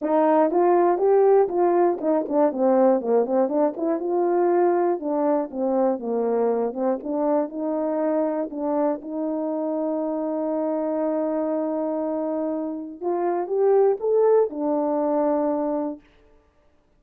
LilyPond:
\new Staff \with { instrumentName = "horn" } { \time 4/4 \tempo 4 = 120 dis'4 f'4 g'4 f'4 | dis'8 d'8 c'4 ais8 c'8 d'8 e'8 | f'2 d'4 c'4 | ais4. c'8 d'4 dis'4~ |
dis'4 d'4 dis'2~ | dis'1~ | dis'2 f'4 g'4 | a'4 d'2. | }